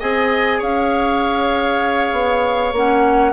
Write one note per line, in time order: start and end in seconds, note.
0.00 0.62 C4
0.00 2.74 G#4
0.00 0.59 D#5
0.00 0.62 G#5
0.59 2.12 C#4
0.59 3.32 C#5
0.59 2.75 F5
2.12 2.73 B3
2.73 3.33 A#3
2.73 3.34 C#4
2.73 3.34 F#5